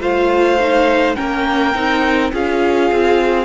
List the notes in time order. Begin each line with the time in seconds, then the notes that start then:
0.00 A3 F4 C5 F5
0.60 D#4
1.15 A#3 C#4 A#4 G5
1.74 C4 D#4
2.32 C#4 F4 G#4 F5
2.91 C4